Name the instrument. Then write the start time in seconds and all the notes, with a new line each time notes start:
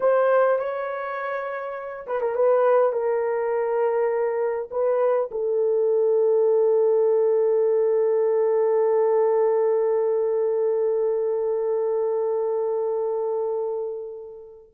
horn
0.00 C5
0.59 C#5
2.06 B4
2.21 A#4
2.35 B4
2.92 A#4
4.71 B4
5.31 A4